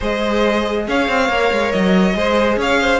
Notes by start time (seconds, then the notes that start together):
0.00 G#3 G#4 C5 D#5
0.87 C#4 C#5 F5
1.08 C4
1.29 A#3 A#4
1.51 G#3
1.71 F#3 D#5
2.14 G#3 G#4 C5
2.57 C#4 C#5 F5
2.81 C5